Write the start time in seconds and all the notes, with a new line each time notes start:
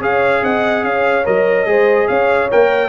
0.00 C#4 G#4 C#5 F5
0.42 C4 D#5 F#5
0.83 C#4 C#5 F5
1.25 F#3 A#4 D#5
1.66 G#3 G#4 C5
2.07 C#4 C#5 F5
2.51 A#3 A#4 G5